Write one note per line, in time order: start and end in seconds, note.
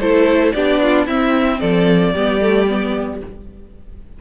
0.00 0.53 A3
0.00 0.55 E4
0.00 0.54 A4
0.00 0.53 C5
0.53 1.07 B3
0.53 1.08 D4
0.53 0.81 G4
0.53 1.06 D5
0.83 1.06 F4
1.06 1.60 C4
1.06 2.14 C4
1.06 1.59 E4
1.06 1.60 E5
1.60 2.15 F3
1.60 2.13 A4
1.60 3.19 D5
2.13 3.21 G3
2.13 2.41 B3
2.13 3.19 G4
2.41 2.68 A3
2.68 3.21 B3